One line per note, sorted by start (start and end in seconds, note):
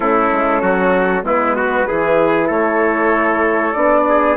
0.00 0.29 A3
0.00 1.23 C#4
0.00 0.61 E4
0.00 1.24 A4
0.32 0.61 G#3
0.61 1.23 F#3
0.61 1.23 F#4
1.23 1.85 G#3
1.23 1.86 B3
1.23 1.56 E4
1.23 2.50 B4
1.56 1.87 F#4
1.87 2.49 E3
1.87 3.75 E4
1.87 2.46 G#4
2.46 3.74 A3
2.46 4.02 A4
2.46 3.72 C#5
3.72 4.37 B3
3.72 4.37 D4
3.72 4.35 D5
4.08 4.37 G#4